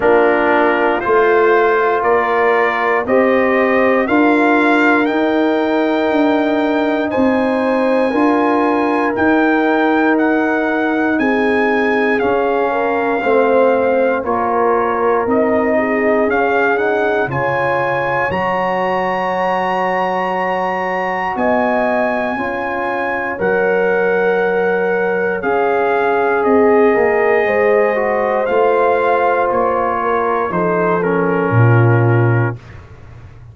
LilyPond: <<
  \new Staff \with { instrumentName = "trumpet" } { \time 4/4 \tempo 4 = 59 ais'4 c''4 d''4 dis''4 | f''4 g''2 gis''4~ | gis''4 g''4 fis''4 gis''4 | f''2 cis''4 dis''4 |
f''8 fis''8 gis''4 ais''2~ | ais''4 gis''2 fis''4~ | fis''4 f''4 dis''2 | f''4 cis''4 c''8 ais'4. | }
  \new Staff \with { instrumentName = "horn" } { \time 4/4 f'2 ais'4 c''4 | ais'2. c''4 | ais'2. gis'4~ | gis'8 ais'8 c''4 ais'4. gis'8~ |
gis'4 cis''2.~ | cis''4 dis''4 cis''2~ | cis''2 gis'8 ais'8 c''4~ | c''4. ais'8 a'4 f'4 | }
  \new Staff \with { instrumentName = "trombone" } { \time 4/4 d'4 f'2 g'4 | f'4 dis'2. | f'4 dis'2. | cis'4 c'4 f'4 dis'4 |
cis'8 dis'8 f'4 fis'2~ | fis'2 f'4 ais'4~ | ais'4 gis'2~ gis'8 fis'8 | f'2 dis'8 cis'4. | }
  \new Staff \with { instrumentName = "tuba" } { \time 4/4 ais4 a4 ais4 c'4 | d'4 dis'4 d'4 c'4 | d'4 dis'2 c'4 | cis'4 a4 ais4 c'4 |
cis'4 cis4 fis2~ | fis4 b4 cis'4 fis4~ | fis4 cis'4 c'8 ais8 gis4 | a4 ais4 f4 ais,4 | }
>>